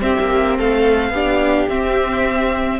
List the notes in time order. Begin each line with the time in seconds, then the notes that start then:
0.00 C4 G4 E5
0.19 A#3
0.58 A3 A4 F5
1.09 B3 D4 G4
1.69 C4 E5